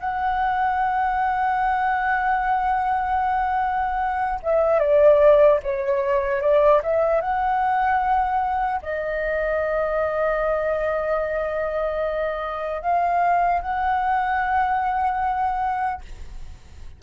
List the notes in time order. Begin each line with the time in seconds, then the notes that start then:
0.00 F#5
4.43 E5
4.80 D5
5.64 C#5
6.42 D5
6.84 E5
7.21 F#5
8.83 D#5
12.82 F5
13.62 F#5